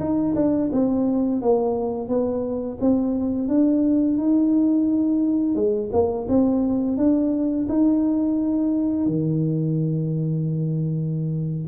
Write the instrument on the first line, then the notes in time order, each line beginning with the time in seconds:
tuba
0.00 D#4
0.36 D4
0.73 C4
1.42 A#3
2.09 B3
2.81 C4
3.48 D4
4.18 D#4
5.56 G#3
5.93 A#3
6.29 C4
6.98 D4
7.69 D#4
9.07 D#3